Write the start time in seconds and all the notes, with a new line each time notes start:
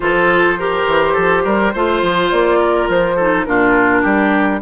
0.00 F3 F4 A4 C5
0.59 G4 A#4
0.87 E3
1.13 F3 A4
1.44 G3 A#4
1.73 A3 F4 C5
2.02 F3
2.30 A#3 D5
2.59 A#4
2.88 F3 C5
3.16 D#4 A4
3.44 A#2 D4 F4 A#4
4.01 G3 G4